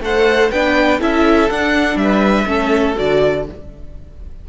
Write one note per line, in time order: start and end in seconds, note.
0.00 0.49 A3
0.00 0.52 A4
0.00 0.51 C5
0.00 0.51 F#5
0.51 1.01 B3
0.51 0.99 D4
0.51 0.99 B4
0.51 1.00 G5
0.99 1.50 C#4
0.99 1.49 E4
0.99 1.97 A4
0.99 1.50 E5
1.50 2.46 D4
1.50 1.96 D4
1.50 1.98 F#5
1.96 2.45 G3
1.96 2.47 B4
1.96 2.96 E5
2.46 2.96 A3
2.46 2.95 C#4
2.46 3.45 A4
2.96 3.49 D3
2.96 3.45 F#4
2.96 3.47 D5